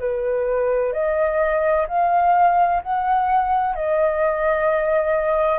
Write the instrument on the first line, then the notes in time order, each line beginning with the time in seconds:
flute
0.00 B4
0.93 D#5
1.88 F5
2.83 F#5
3.75 D#5